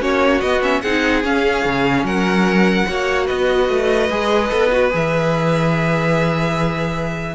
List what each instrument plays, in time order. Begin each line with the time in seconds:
0.00 cello A#3, viola C#4, violin F#4 C#5
0.41 cello B3, viola B3, violin D#5
0.62 viola C#4, violin E5
0.82 cello C4, viola D#4, violin G#4 F#5
1.24 viola C#4, cello C#4, violin F5
1.65 cello C#3
2.03 cello F#3, violin A#4 F#5
2.87 cello A#3, viola F#4, violin C#5
3.26 cello B3, violin B4 D#5
3.69 cello A3
4.10 cello G#3, viola G#4
4.50 cello B3, viola A4
4.72 viola F#4
4.90 cello E3, viola G#4, violin E5